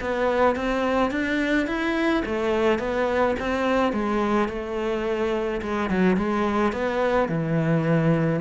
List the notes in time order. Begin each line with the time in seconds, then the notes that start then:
0.00 B3
0.56 C4
1.11 D4
1.67 E4
2.25 A3
2.79 B3
3.39 C4
3.92 G#3
4.48 A3
5.62 G#3
5.90 F#3
6.16 G#3
6.72 B3
7.28 E3